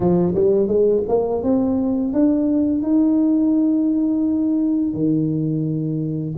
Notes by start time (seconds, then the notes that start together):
0.00 F3
0.34 G3
0.67 G#3
1.08 A#3
1.43 C4
2.13 D4
2.82 D#4
4.93 D#3